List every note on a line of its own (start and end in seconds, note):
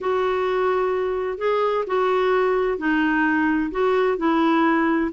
0.00 1.38 F#4
1.38 1.84 G#4
1.86 2.77 F#4
2.77 3.70 D#4
3.71 4.17 F#4
4.17 5.10 E4